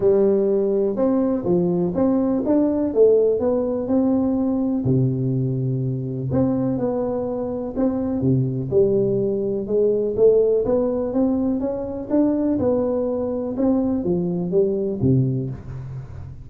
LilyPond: \new Staff \with { instrumentName = "tuba" } { \time 4/4 \tempo 4 = 124 g2 c'4 f4 | c'4 d'4 a4 b4 | c'2 c2~ | c4 c'4 b2 |
c'4 c4 g2 | gis4 a4 b4 c'4 | cis'4 d'4 b2 | c'4 f4 g4 c4 | }